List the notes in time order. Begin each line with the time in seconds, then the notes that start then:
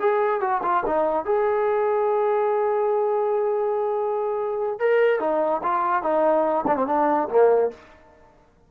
0.00 G#4
0.41 F#4
0.63 F4
0.86 D#4
1.25 G#4
4.80 A#4
5.20 D#4
5.63 F4
6.03 D#4
6.67 D4
6.76 C4
6.87 D4
7.29 A#3